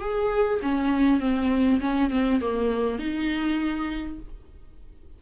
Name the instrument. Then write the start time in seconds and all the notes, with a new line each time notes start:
viola
0.00 G#4
0.62 C#4
1.20 C4
1.80 C#4
2.10 C4
2.41 A#3
2.99 D#4